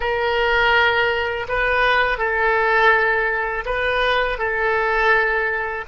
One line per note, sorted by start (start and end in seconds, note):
0.00 1.46 A#4
1.48 2.18 B4
2.18 3.64 A4
3.65 4.38 B4
4.38 5.84 A4